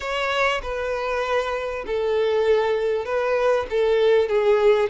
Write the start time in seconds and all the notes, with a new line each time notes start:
0.00 C#5
0.62 B4
1.86 A4
3.05 B4
3.70 A4
4.29 G#4